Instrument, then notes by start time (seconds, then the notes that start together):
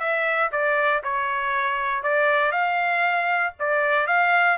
trumpet
0.00 E5
0.52 D5
1.04 C#5
2.03 D5
2.52 F5
3.60 D5
4.07 F5